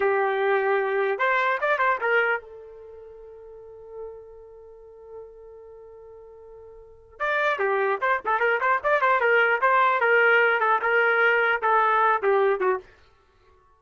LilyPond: \new Staff \with { instrumentName = "trumpet" } { \time 4/4 \tempo 4 = 150 g'2. c''4 | d''8 c''8 ais'4 a'2~ | a'1~ | a'1~ |
a'2 d''4 g'4 | c''8 a'8 ais'8 c''8 d''8 c''8 ais'4 | c''4 ais'4. a'8 ais'4~ | ais'4 a'4. g'4 fis'8 | }